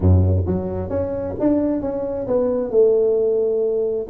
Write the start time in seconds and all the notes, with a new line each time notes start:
0.00 F#2
0.46 F#3
0.89 C#4
1.39 D4
1.81 C#4
2.27 B3
2.70 A3